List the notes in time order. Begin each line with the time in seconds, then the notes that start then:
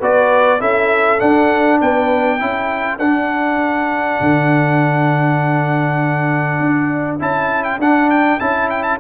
0.00 B3 F#4 B4 D5
0.60 C#4 E4 A4 E5
1.20 D4 F#5
1.81 B3 B4 G5
2.39 C#4 E4 A4
2.99 D4 F#5
4.21 D3
6.60 D4
7.20 C#4 E4 A5
7.64 G5
7.79 D4 F#5
8.10 G5
8.40 C#4 E4 A5
8.70 G5
8.83 A5